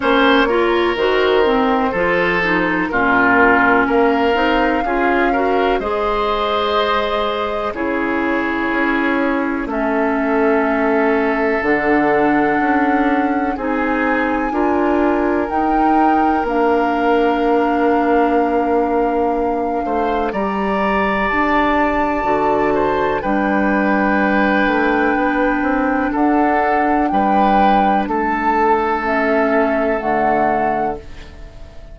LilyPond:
<<
  \new Staff \with { instrumentName = "flute" } { \time 4/4 \tempo 4 = 62 cis''4 c''2 ais'4 | f''2 dis''2 | cis''2 e''2 | fis''2 gis''2 |
g''4 f''2.~ | f''4 ais''4 a''2 | g''2. fis''4 | g''4 a''4 e''4 fis''4 | }
  \new Staff \with { instrumentName = "oboe" } { \time 4/4 c''8 ais'4. a'4 f'4 | ais'4 gis'8 ais'8 c''2 | gis'2 a'2~ | a'2 gis'4 ais'4~ |
ais'1~ | ais'8 c''8 d''2~ d''8 c''8 | b'2. a'4 | b'4 a'2. | }
  \new Staff \with { instrumentName = "clarinet" } { \time 4/4 cis'8 f'8 fis'8 c'8 f'8 dis'8 cis'4~ | cis'8 dis'8 f'8 fis'8 gis'2 | e'2 cis'2 | d'2 dis'4 f'4 |
dis'4 d'2.~ | d'4 g'2 fis'4 | d'1~ | d'2 cis'4 a4 | }
  \new Staff \with { instrumentName = "bassoon" } { \time 4/4 ais4 dis4 f4 ais,4 | ais8 c'8 cis'4 gis2 | cis4 cis'4 a2 | d4 cis'4 c'4 d'4 |
dis'4 ais2.~ | ais8 a8 g4 d'4 d4 | g4. a8 b8 c'8 d'4 | g4 a2 d4 | }
>>